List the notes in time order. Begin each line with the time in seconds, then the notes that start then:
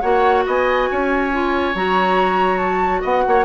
0.00 A#3 F#4 C#5 F#5
0.46 B3 D#5 G#5
0.91 C#4 C#5
1.32 F4
1.74 F#3 F#4 A#5
2.58 A5
3.01 B3 D#5 F#5
3.27 A#3 C#5